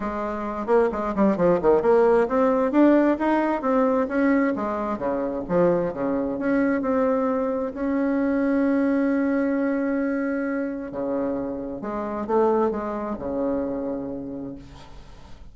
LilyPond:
\new Staff \with { instrumentName = "bassoon" } { \time 4/4 \tempo 4 = 132 gis4. ais8 gis8 g8 f8 dis8 | ais4 c'4 d'4 dis'4 | c'4 cis'4 gis4 cis4 | f4 cis4 cis'4 c'4~ |
c'4 cis'2.~ | cis'1 | cis2 gis4 a4 | gis4 cis2. | }